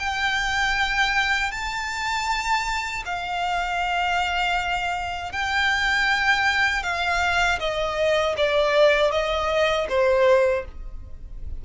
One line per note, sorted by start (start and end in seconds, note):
0.00 1.52 G5
1.52 3.04 A5
3.06 5.33 F5
5.33 6.84 G5
6.84 7.59 F5
7.60 8.36 D#5
8.38 9.12 D5
9.12 9.88 D#5
9.90 10.66 C5